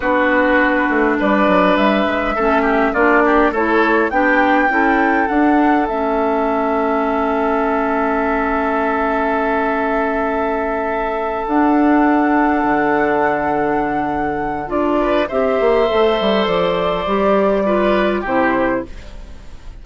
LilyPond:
<<
  \new Staff \with { instrumentName = "flute" } { \time 4/4 \tempo 4 = 102 b'2 d''4 e''4~ | e''4 d''4 cis''4 g''4~ | g''4 fis''4 e''2~ | e''1~ |
e''2.~ e''8 fis''8~ | fis''1~ | fis''4 d''4 e''2 | d''2. c''4 | }
  \new Staff \with { instrumentName = "oboe" } { \time 4/4 fis'2 b'2 | a'8 g'8 f'8 g'8 a'4 g'4 | a'1~ | a'1~ |
a'1~ | a'1~ | a'4. b'8 c''2~ | c''2 b'4 g'4 | }
  \new Staff \with { instrumentName = "clarinet" } { \time 4/4 d'1 | cis'4 d'4 e'4 d'4 | e'4 d'4 cis'2~ | cis'1~ |
cis'2.~ cis'8 d'8~ | d'1~ | d'4 f'4 g'4 a'4~ | a'4 g'4 f'4 e'4 | }
  \new Staff \with { instrumentName = "bassoon" } { \time 4/4 b4. a8 g8 fis8 g8 gis8 | a4 ais4 a4 b4 | cis'4 d'4 a2~ | a1~ |
a2.~ a8 d'8~ | d'4. d2~ d8~ | d4 d'4 c'8 ais8 a8 g8 | f4 g2 c4 | }
>>